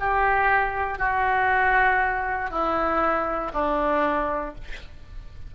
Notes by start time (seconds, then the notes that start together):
0.00 G4
0.99 F#4
2.51 E4
3.53 D4